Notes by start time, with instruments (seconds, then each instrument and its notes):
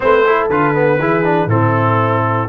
0.00 tuba A3, trombone C4, horn B4, trumpet C5
0.25 trombone E4, horn A4
0.49 tuba D3, trombone F4, trumpet B4
0.75 trombone B3
0.98 tuba E3, trombone E4, horn G#4
1.23 trombone D4
1.46 tuba A2, trombone C4, horn E4, trumpet A4